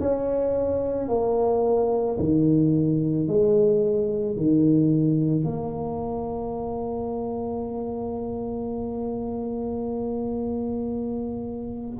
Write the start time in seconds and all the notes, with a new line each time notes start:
0.00 C#4
1.08 A#3
2.19 D#3
3.28 G#3
4.36 D#3
5.44 A#3